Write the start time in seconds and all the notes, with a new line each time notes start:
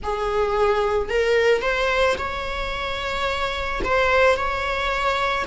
0.03 G#4
1.09 A#4
1.61 C5
2.18 C#5
3.84 C5
4.36 C#5